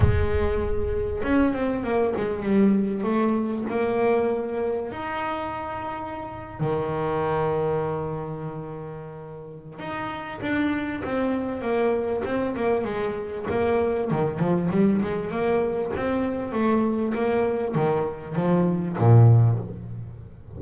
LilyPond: \new Staff \with { instrumentName = "double bass" } { \time 4/4 \tempo 4 = 98 gis2 cis'8 c'8 ais8 gis8 | g4 a4 ais2 | dis'2~ dis'8. dis4~ dis16~ | dis1 |
dis'4 d'4 c'4 ais4 | c'8 ais8 gis4 ais4 dis8 f8 | g8 gis8 ais4 c'4 a4 | ais4 dis4 f4 ais,4 | }